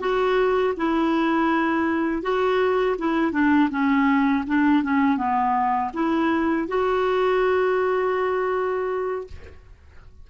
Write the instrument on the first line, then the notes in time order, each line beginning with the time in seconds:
clarinet
0.00 F#4
0.77 E4
2.23 F#4
2.99 E4
3.32 D4
3.70 C#4
4.47 D4
4.83 C#4
5.18 B3
5.94 E4
6.68 F#4